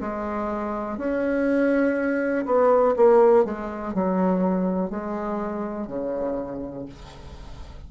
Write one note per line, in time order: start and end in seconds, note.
0.00 0.97 G#3
0.97 2.45 C#4
2.45 2.95 B3
2.96 3.44 A#3
3.44 3.93 G#3
3.94 4.90 F#3
4.90 5.87 G#3
5.87 6.85 C#3